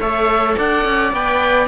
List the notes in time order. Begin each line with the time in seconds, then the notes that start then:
0.00 A3 A4 C#5 E5
0.57 D4 D5 F#5
0.85 C#4
1.13 B3 B4 G5